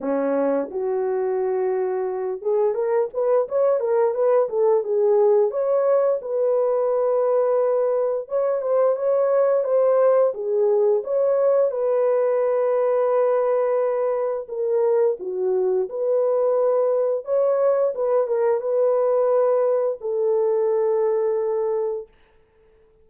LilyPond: \new Staff \with { instrumentName = "horn" } { \time 4/4 \tempo 4 = 87 cis'4 fis'2~ fis'8 gis'8 | ais'8 b'8 cis''8 ais'8 b'8 a'8 gis'4 | cis''4 b'2. | cis''8 c''8 cis''4 c''4 gis'4 |
cis''4 b'2.~ | b'4 ais'4 fis'4 b'4~ | b'4 cis''4 b'8 ais'8 b'4~ | b'4 a'2. | }